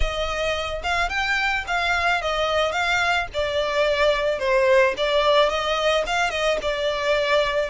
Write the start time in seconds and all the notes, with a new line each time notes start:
0.00 D#5
0.83 F5
1.09 G5
1.67 F5
2.21 D#5
2.71 F5
3.33 D5
4.39 C5
4.97 D5
5.49 D#5
6.06 F5
6.30 D#5
6.62 D5